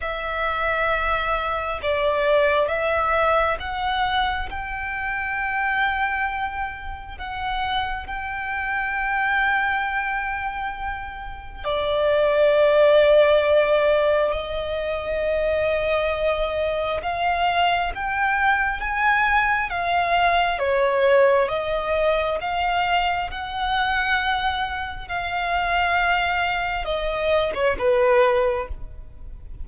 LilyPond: \new Staff \with { instrumentName = "violin" } { \time 4/4 \tempo 4 = 67 e''2 d''4 e''4 | fis''4 g''2. | fis''4 g''2.~ | g''4 d''2. |
dis''2. f''4 | g''4 gis''4 f''4 cis''4 | dis''4 f''4 fis''2 | f''2 dis''8. cis''16 b'4 | }